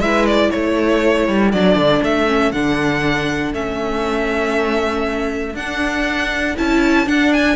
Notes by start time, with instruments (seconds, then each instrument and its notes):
0.00 cello G#3, viola E4, violin B4 E5
0.26 violin D5
0.51 cello A3, violin A4 C#5
1.28 cello G3
1.52 cello F#3, viola D4, violin D5
1.75 cello D3
2.03 cello A3, violin E5
2.27 viola C#4
2.52 cello D3, viola D4, violin F#5
3.53 cello A3, viola C#4, violin E5
5.54 cello D4, viola D4, violin F#5
6.56 cello C#4, viola E4, violin A5
7.07 cello D4, viola D4, violin F#5
7.33 violin G#5